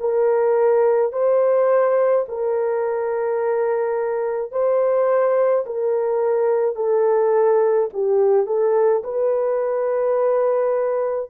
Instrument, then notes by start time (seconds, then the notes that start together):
horn
0.00 A#4
1.13 C5
2.28 A#4
4.52 C5
5.66 A#4
6.76 A4
7.93 G4
8.46 A4
9.04 B4